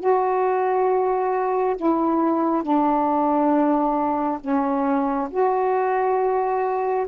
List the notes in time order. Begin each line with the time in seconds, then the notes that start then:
0.00 F#4
1.77 E4
2.63 D4
4.41 C#4
5.31 F#4